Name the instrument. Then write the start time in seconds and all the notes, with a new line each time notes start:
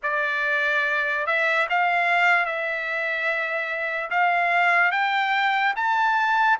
trumpet
0.03 D5
1.26 E5
1.69 F5
2.45 E5
4.10 F5
4.91 G5
5.75 A5